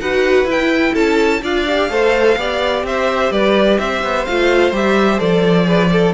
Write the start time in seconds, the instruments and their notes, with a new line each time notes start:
0.00 cello D#4, viola F#4, violin B4 F#5
0.44 cello E4, viola E4
0.51 violin G5
0.93 cello C#4, violin A4 A5
1.42 cello D4, viola F4, violin D5 F5
1.66 viola G4
1.89 cello A3, viola A4, violin C5
2.37 cello B3, viola G4, violin D5
2.83 cello C4, violin C5 E5
3.31 cello G3, violin B4 D5
3.78 cello C4, violin C5 E5
4.03 cello B3
4.25 cello A3, viola F4, violin F5
4.72 cello G3, viola G4, violin E5
5.18 cello F3, viola A4, violin D5
5.64 viola G#4, violin B4
5.91 viola A4, violin A4